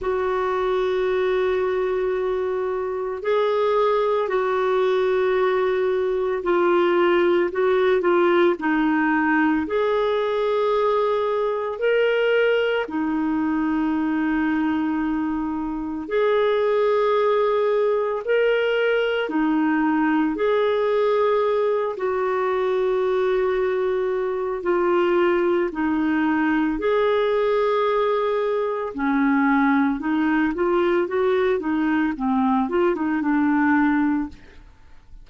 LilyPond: \new Staff \with { instrumentName = "clarinet" } { \time 4/4 \tempo 4 = 56 fis'2. gis'4 | fis'2 f'4 fis'8 f'8 | dis'4 gis'2 ais'4 | dis'2. gis'4~ |
gis'4 ais'4 dis'4 gis'4~ | gis'8 fis'2~ fis'8 f'4 | dis'4 gis'2 cis'4 | dis'8 f'8 fis'8 dis'8 c'8 f'16 dis'16 d'4 | }